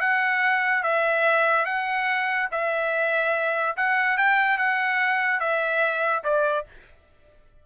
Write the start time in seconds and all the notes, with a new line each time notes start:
0.00 F#5
0.83 E5
1.65 F#5
2.51 E5
3.77 F#5
4.17 G5
4.58 F#5
5.40 E5
6.24 D5